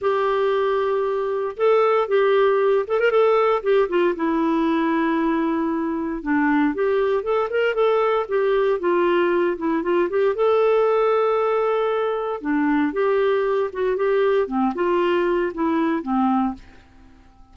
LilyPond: \new Staff \with { instrumentName = "clarinet" } { \time 4/4 \tempo 4 = 116 g'2. a'4 | g'4. a'16 ais'16 a'4 g'8 f'8 | e'1 | d'4 g'4 a'8 ais'8 a'4 |
g'4 f'4. e'8 f'8 g'8 | a'1 | d'4 g'4. fis'8 g'4 | c'8 f'4. e'4 c'4 | }